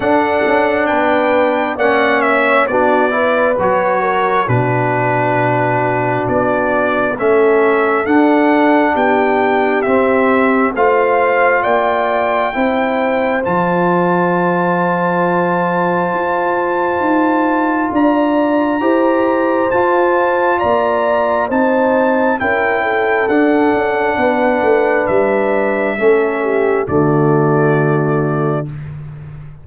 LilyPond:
<<
  \new Staff \with { instrumentName = "trumpet" } { \time 4/4 \tempo 4 = 67 fis''4 g''4 fis''8 e''8 d''4 | cis''4 b'2 d''4 | e''4 fis''4 g''4 e''4 | f''4 g''2 a''4~ |
a''1 | ais''2 a''4 ais''4 | a''4 g''4 fis''2 | e''2 d''2 | }
  \new Staff \with { instrumentName = "horn" } { \time 4/4 a'4 b'4 d''8 cis''8 fis'8 b'8~ | b'8 ais'8 fis'2. | a'2 g'2 | c''4 d''4 c''2~ |
c''1 | d''4 c''2 d''4 | c''4 ais'8 a'4. b'4~ | b'4 a'8 g'8 fis'2 | }
  \new Staff \with { instrumentName = "trombone" } { \time 4/4 d'2 cis'4 d'8 e'8 | fis'4 d'2. | cis'4 d'2 c'4 | f'2 e'4 f'4~ |
f'1~ | f'4 g'4 f'2 | dis'4 e'4 d'2~ | d'4 cis'4 a2 | }
  \new Staff \with { instrumentName = "tuba" } { \time 4/4 d'8 cis'8 b4 ais4 b4 | fis4 b,2 b4 | a4 d'4 b4 c'4 | a4 ais4 c'4 f4~ |
f2 f'4 dis'4 | d'4 e'4 f'4 ais4 | c'4 cis'4 d'8 cis'8 b8 a8 | g4 a4 d2 | }
>>